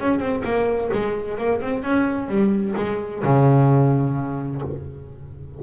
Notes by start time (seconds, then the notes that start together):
0.00 C#4
0.20 C4
0.44 A#3
0.93 G#3
1.38 A#3
1.62 C4
1.83 C#4
2.28 G3
2.77 G#3
3.24 C#3